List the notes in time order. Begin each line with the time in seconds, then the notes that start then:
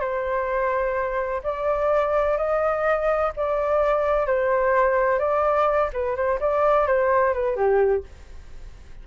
0.00 C5
1.43 D5
2.38 D#5
3.36 D5
4.26 C5
5.19 D5
5.93 B4
6.16 C5
6.40 D5
6.87 C5
7.34 B4
7.56 G4